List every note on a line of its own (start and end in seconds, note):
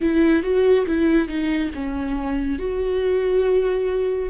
0.00 0.42 E4
0.42 0.85 F#4
0.86 1.27 E4
1.27 1.70 D#4
1.74 2.58 C#4
2.58 4.29 F#4